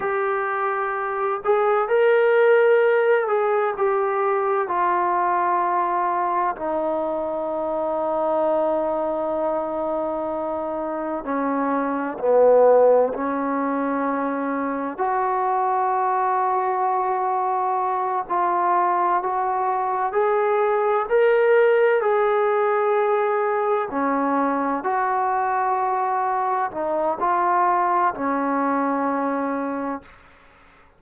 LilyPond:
\new Staff \with { instrumentName = "trombone" } { \time 4/4 \tempo 4 = 64 g'4. gis'8 ais'4. gis'8 | g'4 f'2 dis'4~ | dis'1 | cis'4 b4 cis'2 |
fis'2.~ fis'8 f'8~ | f'8 fis'4 gis'4 ais'4 gis'8~ | gis'4. cis'4 fis'4.~ | fis'8 dis'8 f'4 cis'2 | }